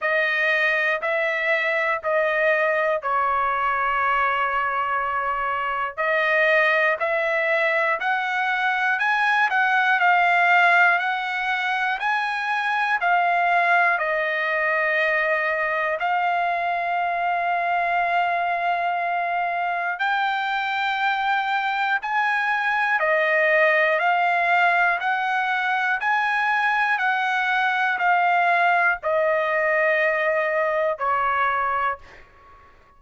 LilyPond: \new Staff \with { instrumentName = "trumpet" } { \time 4/4 \tempo 4 = 60 dis''4 e''4 dis''4 cis''4~ | cis''2 dis''4 e''4 | fis''4 gis''8 fis''8 f''4 fis''4 | gis''4 f''4 dis''2 |
f''1 | g''2 gis''4 dis''4 | f''4 fis''4 gis''4 fis''4 | f''4 dis''2 cis''4 | }